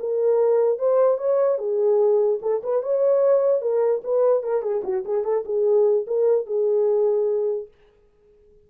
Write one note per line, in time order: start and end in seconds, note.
0.00 0.79 A#4
0.79 1.18 C5
1.18 1.58 C#5
1.58 2.40 G#4
2.42 2.62 A4
2.63 2.83 B4
2.83 3.62 C#5
3.62 4.02 A#4
4.04 4.43 B4
4.43 4.62 A#4
4.62 4.82 G#4
4.84 5.04 F#4
5.05 5.24 G#4
5.24 5.45 A4
5.45 6.06 G#4
6.07 6.46 A#4
6.46 7.68 G#4